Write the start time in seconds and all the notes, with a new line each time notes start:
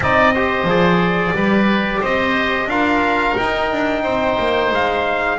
0.00 C4 D#4 D5 D#5
0.34 G4 C5
0.64 F3 G#4 D5
1.33 G3 G4 B4
2.00 C4 C5 D#5
2.66 D4 F4 A#4 F5
3.36 D#4 G5
3.71 D4
4.03 C4 C5
4.38 A#3
4.71 G#3 F5